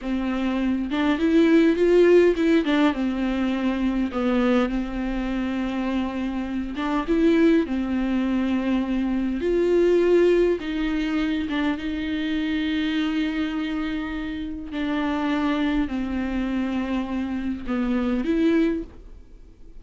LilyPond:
\new Staff \with { instrumentName = "viola" } { \time 4/4 \tempo 4 = 102 c'4. d'8 e'4 f'4 | e'8 d'8 c'2 b4 | c'2.~ c'8 d'8 | e'4 c'2. |
f'2 dis'4. d'8 | dis'1~ | dis'4 d'2 c'4~ | c'2 b4 e'4 | }